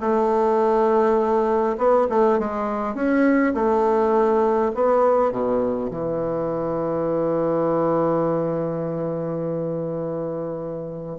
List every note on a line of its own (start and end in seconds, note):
0.00 1.76 A3
1.78 2.07 B3
2.10 2.39 A3
2.39 2.95 G#3
2.95 3.53 C#4
3.54 4.72 A3
4.74 5.31 B3
5.31 5.90 B2
5.90 11.19 E3